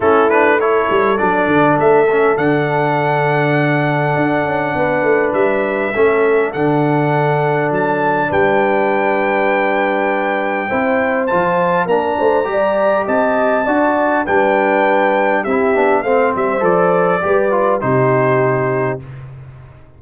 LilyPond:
<<
  \new Staff \with { instrumentName = "trumpet" } { \time 4/4 \tempo 4 = 101 a'8 b'8 cis''4 d''4 e''4 | fis''1~ | fis''4 e''2 fis''4~ | fis''4 a''4 g''2~ |
g''2. a''4 | ais''2 a''2 | g''2 e''4 f''8 e''8 | d''2 c''2 | }
  \new Staff \with { instrumentName = "horn" } { \time 4/4 e'4 a'2.~ | a'1 | b'2 a'2~ | a'2 b'2~ |
b'2 c''2 | ais'8 c''8 d''4 dis''4 d''4 | b'2 g'4 c''4~ | c''4 b'4 g'2 | }
  \new Staff \with { instrumentName = "trombone" } { \time 4/4 cis'8 d'8 e'4 d'4. cis'8 | d'1~ | d'2 cis'4 d'4~ | d'1~ |
d'2 e'4 f'4 | d'4 g'2 fis'4 | d'2 e'8 d'8 c'4 | a'4 g'8 f'8 dis'2 | }
  \new Staff \with { instrumentName = "tuba" } { \time 4/4 a4. g8 fis8 d8 a4 | d2. d'8 cis'8 | b8 a8 g4 a4 d4~ | d4 fis4 g2~ |
g2 c'4 f4 | ais8 a8 g4 c'4 d'4 | g2 c'8 b8 a8 g8 | f4 g4 c2 | }
>>